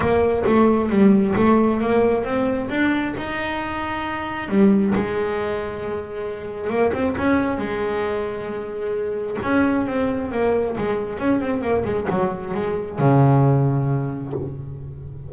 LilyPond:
\new Staff \with { instrumentName = "double bass" } { \time 4/4 \tempo 4 = 134 ais4 a4 g4 a4 | ais4 c'4 d'4 dis'4~ | dis'2 g4 gis4~ | gis2. ais8 c'8 |
cis'4 gis2.~ | gis4 cis'4 c'4 ais4 | gis4 cis'8 c'8 ais8 gis8 fis4 | gis4 cis2. | }